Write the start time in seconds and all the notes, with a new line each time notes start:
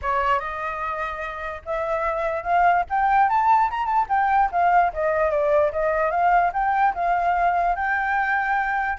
0.01 C#5
0.39 D#5
1.65 E5
2.43 F5
2.89 G5
3.29 A5
3.70 A#5
3.86 A5
4.09 G5
4.51 F5
4.93 D#5
5.31 D5
5.72 D#5
6.10 F5
6.53 G5
6.94 F5
7.75 G5